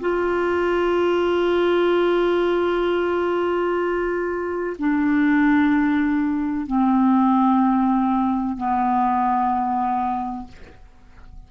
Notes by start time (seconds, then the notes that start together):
0.00 F4
4.78 D4
6.67 C4
8.57 B3